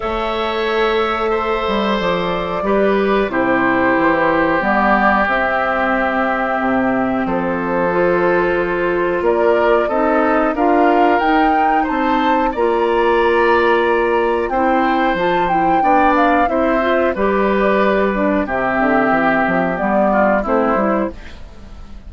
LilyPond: <<
  \new Staff \with { instrumentName = "flute" } { \time 4/4 \tempo 4 = 91 e''2. d''4~ | d''4 c''2 d''4 | e''2. c''4~ | c''2 d''4 dis''4 |
f''4 g''4 a''4 ais''4~ | ais''2 g''4 a''8 g''8~ | g''8 f''8 e''4 d''2 | e''2 d''4 c''4 | }
  \new Staff \with { instrumentName = "oboe" } { \time 4/4 cis''2 c''2 | b'4 g'2.~ | g'2. a'4~ | a'2 ais'4 a'4 |
ais'2 c''4 d''4~ | d''2 c''2 | d''4 c''4 b'2 | g'2~ g'8 f'8 e'4 | }
  \new Staff \with { instrumentName = "clarinet" } { \time 4/4 a'1 | g'4 e'2 b4 | c'1 | f'2. dis'4 |
f'4 dis'2 f'4~ | f'2 e'4 f'8 e'8 | d'4 e'8 f'8 g'4. d'8 | c'2 b4 c'8 e'8 | }
  \new Staff \with { instrumentName = "bassoon" } { \time 4/4 a2~ a8 g8 f4 | g4 c4 e4 g4 | c'2 c4 f4~ | f2 ais4 c'4 |
d'4 dis'4 c'4 ais4~ | ais2 c'4 f4 | b4 c'4 g2 | c8 d8 e8 f8 g4 a8 g8 | }
>>